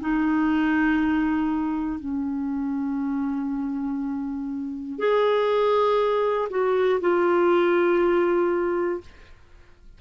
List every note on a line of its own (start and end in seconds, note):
0.00 2.00 D#4
2.00 4.99 C#4
4.99 6.49 G#4
6.50 7.00 F#4
7.01 9.01 F4